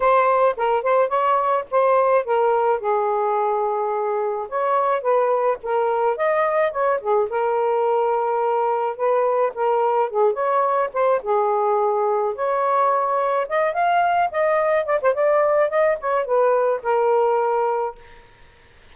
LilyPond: \new Staff \with { instrumentName = "saxophone" } { \time 4/4 \tempo 4 = 107 c''4 ais'8 c''8 cis''4 c''4 | ais'4 gis'2. | cis''4 b'4 ais'4 dis''4 | cis''8 gis'8 ais'2. |
b'4 ais'4 gis'8 cis''4 c''8 | gis'2 cis''2 | dis''8 f''4 dis''4 d''16 c''16 d''4 | dis''8 cis''8 b'4 ais'2 | }